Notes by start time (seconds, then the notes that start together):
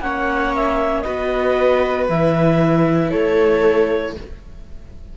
0.00 A#3 C#4 C#5 F#5
0.55 E5
1.02 B3 F#4 B4 D#5
2.09 E3 E4 E5
3.10 A3 A4 C#5